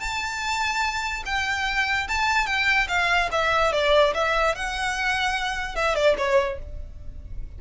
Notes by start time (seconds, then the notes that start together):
0.00 A5
1.25 G5
2.08 A5
2.46 G5
2.88 F5
3.32 E5
3.72 D5
4.14 E5
4.55 F#5
5.75 E5
5.95 D5
6.18 C#5